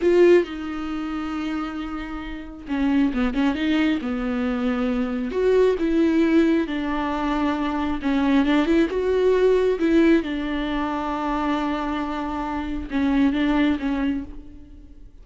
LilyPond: \new Staff \with { instrumentName = "viola" } { \time 4/4 \tempo 4 = 135 f'4 dis'2.~ | dis'2 cis'4 b8 cis'8 | dis'4 b2. | fis'4 e'2 d'4~ |
d'2 cis'4 d'8 e'8 | fis'2 e'4 d'4~ | d'1~ | d'4 cis'4 d'4 cis'4 | }